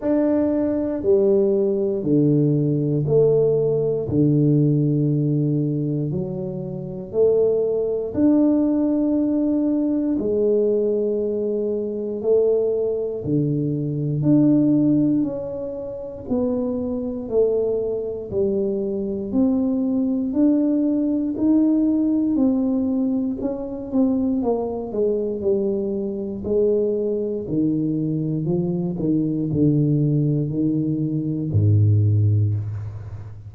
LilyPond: \new Staff \with { instrumentName = "tuba" } { \time 4/4 \tempo 4 = 59 d'4 g4 d4 a4 | d2 fis4 a4 | d'2 gis2 | a4 d4 d'4 cis'4 |
b4 a4 g4 c'4 | d'4 dis'4 c'4 cis'8 c'8 | ais8 gis8 g4 gis4 dis4 | f8 dis8 d4 dis4 gis,4 | }